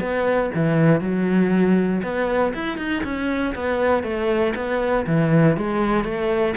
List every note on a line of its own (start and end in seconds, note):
0.00 0.50 B3
0.54 1.01 E3
1.01 2.01 F#3
2.03 2.53 B3
2.53 2.78 E4
2.78 3.03 D#4
3.03 3.54 C#4
3.55 4.03 B3
4.03 4.54 A3
4.55 5.06 B3
5.06 5.57 E3
5.57 6.04 G#3
6.04 6.54 A3